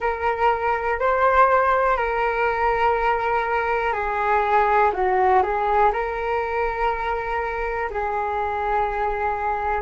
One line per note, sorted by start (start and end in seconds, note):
0.00 0.99 A#4
0.99 1.97 C5
1.97 3.93 A#4
3.93 4.91 G#4
4.93 5.42 F#4
5.42 5.92 G#4
5.92 7.89 A#4
7.90 9.82 G#4